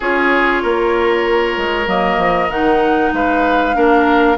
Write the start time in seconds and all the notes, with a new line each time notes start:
0.00 C#4 F4 G#4 C#5
0.62 A#3 A#4
1.57 G#3
1.86 F#3 A#3 D#5
2.17 F3
2.49 D#3 D#4 F#5
3.12 G#3 B4 F5
3.74 A#3 D4 A#4